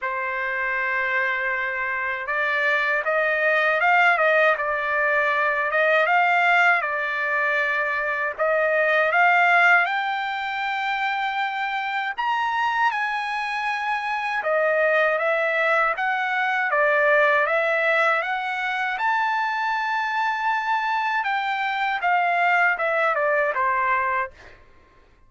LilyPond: \new Staff \with { instrumentName = "trumpet" } { \time 4/4 \tempo 4 = 79 c''2. d''4 | dis''4 f''8 dis''8 d''4. dis''8 | f''4 d''2 dis''4 | f''4 g''2. |
ais''4 gis''2 dis''4 | e''4 fis''4 d''4 e''4 | fis''4 a''2. | g''4 f''4 e''8 d''8 c''4 | }